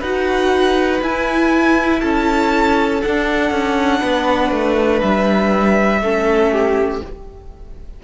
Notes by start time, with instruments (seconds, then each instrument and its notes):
0.00 cello D#4, viola F#4, violin B4 F#5
1.02 cello E4, viola E4, violin G#5
2.01 cello C#4, violin A4 A5
3.01 viola D4, cello D4, violin F#5
3.51 cello C#4
3.99 cello B3, violin B4
4.51 cello A3
5.01 cello G3, violin E5
6.01 cello A3, viola C#4, violin A4
6.52 violin G4